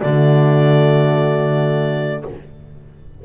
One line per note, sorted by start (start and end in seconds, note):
0.00 2.25 D3
0.00 2.26 A3
0.00 2.22 F#4
0.00 2.23 D5